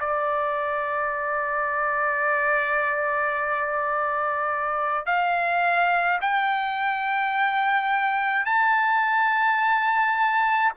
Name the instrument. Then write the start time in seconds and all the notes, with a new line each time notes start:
trumpet
0.00 D5
5.06 F5
6.22 G5
8.46 A5